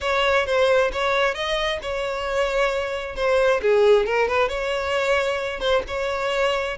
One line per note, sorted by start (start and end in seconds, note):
0.00 0.46 C#5
0.46 0.91 C5
0.92 1.34 C#5
1.34 1.79 D#5
1.81 3.15 C#5
3.15 3.60 C5
3.62 4.06 G#4
4.06 4.28 A#4
4.28 4.49 B4
4.49 5.60 C#5
5.60 5.82 C5
5.87 6.77 C#5